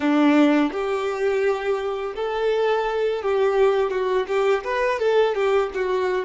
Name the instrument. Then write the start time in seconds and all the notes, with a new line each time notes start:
violin
0.00 D4
0.72 G4
2.15 A4
3.22 G4
3.90 F#4
4.27 G4
4.64 B4
4.99 A4
5.34 G4
5.74 F#4